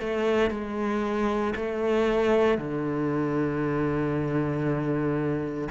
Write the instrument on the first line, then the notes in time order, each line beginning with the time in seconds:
cello
0.00 A3
0.51 G#3
1.56 A3
2.58 D3